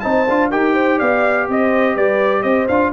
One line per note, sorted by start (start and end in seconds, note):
0.00 0.29 C4
0.00 0.27 D#4
0.00 0.50 C5
0.00 0.48 A5
0.29 0.52 D4
0.29 0.52 F4
0.50 1.00 D#4
0.50 2.69 G4
0.50 0.74 A#4
0.50 0.99 G5
0.74 0.98 C5
0.98 1.49 B3
0.98 1.46 D5
0.98 1.47 F5
1.49 1.96 C4
1.49 1.94 C5
1.49 1.96 D#5
1.94 2.44 G3
1.94 2.42 B4
1.94 2.43 D5
2.43 2.68 C4
2.43 2.92 C5
2.43 2.67 D#5
2.69 2.93 D4
2.69 2.93 F4
2.69 2.93 F5